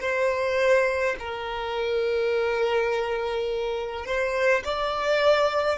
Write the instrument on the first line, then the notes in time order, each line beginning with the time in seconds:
violin
0.00 C5
1.19 A#4
4.05 C5
4.64 D5